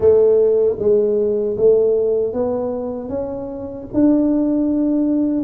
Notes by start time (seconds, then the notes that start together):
0.00 A3
0.78 G#3
1.57 A3
2.33 B3
3.09 C#4
3.93 D4